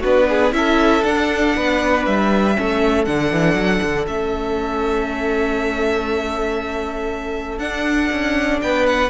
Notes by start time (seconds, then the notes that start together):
0.00 B3 D4 F#4 B4
0.28 G#4
0.52 C#4 E4 A4 E5
1.02 D4 F#5
1.56 B3 B4
2.05 G3 E5
2.55 A3 C#4 A4
3.05 D3 D4 F#5
3.32 E3
3.54 F#3
3.82 D3
4.06 A3 C#4 E5
7.58 D4 F#5
8.11 C#4
8.62 B3 B4 G5
8.86 F#5